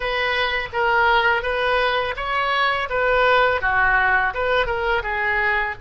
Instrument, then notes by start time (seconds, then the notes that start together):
oboe
0.00 B4
0.73 A#4
1.42 B4
2.16 C#5
2.89 B4
3.61 F#4
4.33 B4
4.66 A#4
5.02 G#4